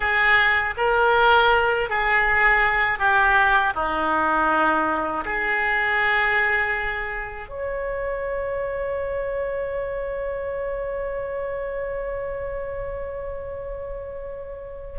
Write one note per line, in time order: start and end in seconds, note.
0.00 0.74 G#4
0.77 1.89 A#4
1.89 2.98 G#4
2.98 3.73 G4
3.74 5.24 D#4
5.25 7.48 G#4
7.48 14.98 C#5